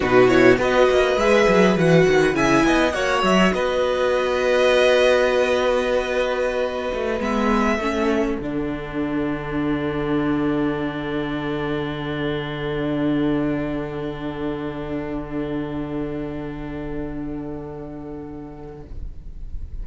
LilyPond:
<<
  \new Staff \with { instrumentName = "violin" } { \time 4/4 \tempo 4 = 102 b'8 cis''8 dis''4 e''4 fis''4 | gis''4 fis''8 e''8 dis''2~ | dis''1~ | dis''16 e''2 fis''4.~ fis''16~ |
fis''1~ | fis''1~ | fis''1~ | fis''1 | }
  \new Staff \with { instrumentName = "violin" } { \time 4/4 fis'4 b'2. | e''8 dis''8 cis''4 b'2~ | b'1~ | b'4~ b'16 a'2~ a'8.~ |
a'1~ | a'1~ | a'1~ | a'1 | }
  \new Staff \with { instrumentName = "viola" } { \time 4/4 dis'8 e'8 fis'4 gis'4 fis'4 | e'4 fis'2.~ | fis'1~ | fis'16 b4 cis'4 d'4.~ d'16~ |
d'1~ | d'1~ | d'1~ | d'1 | }
  \new Staff \with { instrumentName = "cello" } { \time 4/4 b,4 b8 ais8 gis8 fis8 e8 dis8 | cis8 b8 ais8 fis8 b2~ | b2.~ b8. a16~ | a16 gis4 a4 d4.~ d16~ |
d1~ | d1~ | d1~ | d1 | }
>>